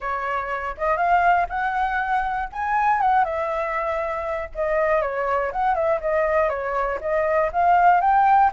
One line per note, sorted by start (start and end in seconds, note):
0.00 0.75 C#5
0.77 0.97 D#5
0.97 1.47 F5
1.49 2.49 F#5
2.52 3.00 G#5
3.00 3.24 F#5
3.24 4.49 E5
4.55 5.01 D#5
5.01 5.51 C#5
5.52 5.75 F#5
5.75 6.00 E5
6.00 6.49 D#5
6.49 6.99 C#5
7.00 7.50 D#5
7.52 8.00 F5
8.00 8.50 G5